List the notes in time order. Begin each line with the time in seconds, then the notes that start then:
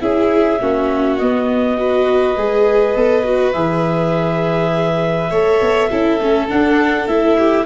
0.00 C#4 E4 G#4 E5
0.61 A#3 C#4 F#4
1.18 B3 D#5
1.77 F#4 B4
2.37 G#3 G#4
2.95 B3 A4
3.24 F#4
3.52 E3 G#4 E5
5.30 A3 A4 C#5
5.61 B3
5.90 C#4 E4 A4
6.20 A3 C#4
6.48 D4 F#5
7.07 A3 E4 E5
7.38 G4